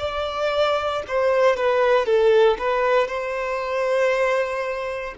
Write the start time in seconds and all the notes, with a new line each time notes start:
0.00 D5
1.08 C5
1.57 B4
2.06 A4
2.59 B4
3.08 C5